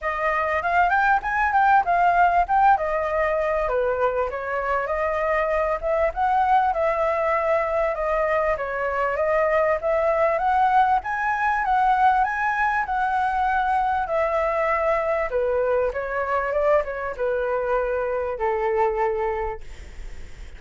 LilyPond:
\new Staff \with { instrumentName = "flute" } { \time 4/4 \tempo 4 = 98 dis''4 f''8 g''8 gis''8 g''8 f''4 | g''8 dis''4. b'4 cis''4 | dis''4. e''8 fis''4 e''4~ | e''4 dis''4 cis''4 dis''4 |
e''4 fis''4 gis''4 fis''4 | gis''4 fis''2 e''4~ | e''4 b'4 cis''4 d''8 cis''8 | b'2 a'2 | }